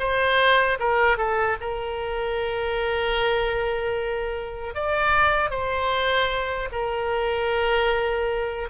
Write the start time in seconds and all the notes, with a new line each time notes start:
0.00 C5
0.80 A#4
1.18 A4
1.61 A#4
4.75 D5
5.51 C5
6.72 A#4